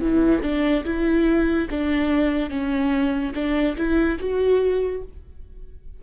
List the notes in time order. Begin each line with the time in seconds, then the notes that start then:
0.00 E3
0.42 D4
0.84 E4
1.70 D4
2.50 C#4
3.34 D4
3.77 E4
4.19 F#4